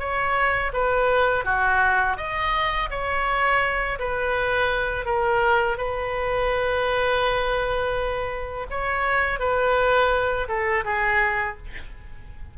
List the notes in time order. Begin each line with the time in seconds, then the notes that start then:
0.00 C#5
0.73 B4
1.45 F#4
2.18 D#5
2.90 C#5
4.00 B4
5.06 A#4
5.78 B4
8.70 C#5
9.40 B4
10.49 A4
10.85 G#4